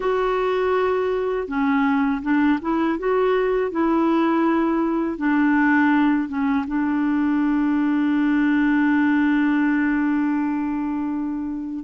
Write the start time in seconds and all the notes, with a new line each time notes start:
0.00 F#4
1.47 C#4
2.22 D4
2.61 E4
2.98 F#4
3.71 E4
5.17 D4
6.28 C#4
6.67 D4